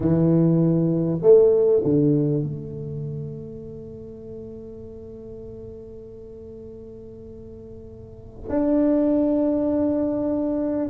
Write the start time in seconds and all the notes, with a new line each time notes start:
0.00 E3
1.22 A3
1.84 D3
2.43 A3
8.48 D4